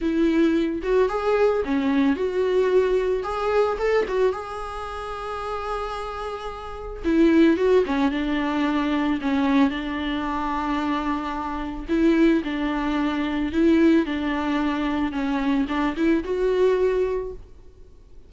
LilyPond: \new Staff \with { instrumentName = "viola" } { \time 4/4 \tempo 4 = 111 e'4. fis'8 gis'4 cis'4 | fis'2 gis'4 a'8 fis'8 | gis'1~ | gis'4 e'4 fis'8 cis'8 d'4~ |
d'4 cis'4 d'2~ | d'2 e'4 d'4~ | d'4 e'4 d'2 | cis'4 d'8 e'8 fis'2 | }